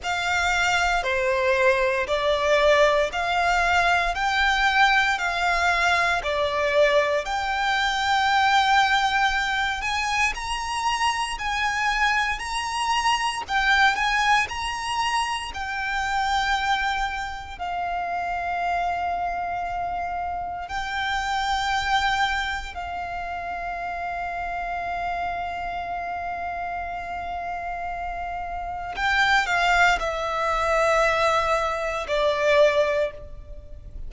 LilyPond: \new Staff \with { instrumentName = "violin" } { \time 4/4 \tempo 4 = 58 f''4 c''4 d''4 f''4 | g''4 f''4 d''4 g''4~ | g''4. gis''8 ais''4 gis''4 | ais''4 g''8 gis''8 ais''4 g''4~ |
g''4 f''2. | g''2 f''2~ | f''1 | g''8 f''8 e''2 d''4 | }